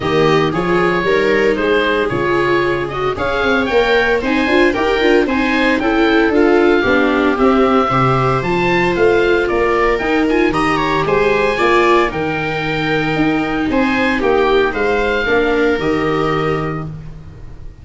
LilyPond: <<
  \new Staff \with { instrumentName = "oboe" } { \time 4/4 \tempo 4 = 114 dis''4 cis''2 c''4 | cis''4. dis''8 f''4 g''4 | gis''4 g''4 gis''4 g''4 | f''2 e''2 |
a''4 f''4 d''4 g''8 gis''8 | ais''4 gis''2 g''4~ | g''2 gis''4 g''4 | f''2 dis''2 | }
  \new Staff \with { instrumentName = "viola" } { \time 4/4 g'4 gis'4 ais'4 gis'4~ | gis'2 cis''2 | c''4 ais'4 c''4 a'4~ | a'4 g'2 c''4~ |
c''2 ais'2 | dis''8 cis''8 c''4 d''4 ais'4~ | ais'2 c''4 g'4 | c''4 ais'2. | }
  \new Staff \with { instrumentName = "viola" } { \time 4/4 ais4 f'4 dis'2 | f'4. fis'8 gis'4 ais'4 | dis'8 f'8 g'8 f'8 dis'4 e'4 | f'4 d'4 c'4 g'4 |
f'2. dis'8 f'8 | g'2 f'4 dis'4~ | dis'1~ | dis'4 d'4 g'2 | }
  \new Staff \with { instrumentName = "tuba" } { \time 4/4 dis4 f4 g4 gis4 | cis2 cis'8 c'8 ais4 | c'8 d'8 dis'8 d'8 c'4 cis'4 | d'4 b4 c'4 c4 |
f4 a4 ais4 dis'4 | dis4 gis4 ais4 dis4~ | dis4 dis'4 c'4 ais4 | gis4 ais4 dis2 | }
>>